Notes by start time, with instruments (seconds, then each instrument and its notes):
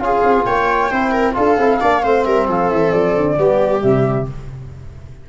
0.00 tuba C#4, trombone F4, viola G#4, flute F5
0.24 tuba C4
0.45 tuba A#3, viola C#5, flute G5
0.91 tuba C4, trombone E4, viola C5
1.12 viola A#4
1.34 tuba D4, trombone F4, viola A4, flute F5
1.58 tuba C4, trombone E4
1.81 tuba A#3, trombone D4, viola D5
2.03 tuba A3, trombone C4, viola C5
2.25 tuba G3, viola A#4, flute E5
2.47 tuba F3, viola A4, flute F5
2.70 tuba E3, flute E5
2.92 tuba F3, flute D5
3.16 tuba D3
3.37 tuba G3, trombone B3, viola G4
3.80 tuba C3, trombone G3, flute E5